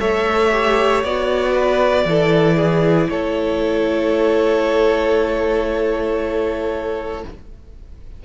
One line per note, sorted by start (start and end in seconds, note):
0.00 1.04 A3
0.00 0.52 A4
0.00 1.53 C#5
0.00 1.03 E5
0.52 1.03 G4
1.04 2.05 B3
1.04 2.08 F#4
1.04 3.10 D5
1.53 2.04 B4
2.05 3.09 E3
2.05 7.25 E4
2.05 2.56 A4
2.56 3.08 G#4
3.10 7.24 A3
3.10 7.25 A4
3.10 7.24 C#5